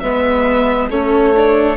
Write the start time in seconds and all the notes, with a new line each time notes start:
0.00 G#3 B3 B4 E5
0.89 A3 C#4 A4 C#5
1.36 D4